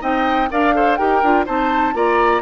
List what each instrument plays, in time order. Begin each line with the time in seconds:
0.00 bassoon C4, clarinet D#4, oboe D#5, flute G5
0.50 bassoon D4, clarinet A#4, oboe D5, flute F5
0.74 clarinet A4, oboe C5
0.96 bassoon D#4, clarinet G4, oboe A#4, flute G5
1.22 bassoon D4, clarinet F4
1.45 bassoon C4, clarinet D#4, oboe C5, flute A5
1.94 bassoon A#3, clarinet F4, oboe D5, flute A#5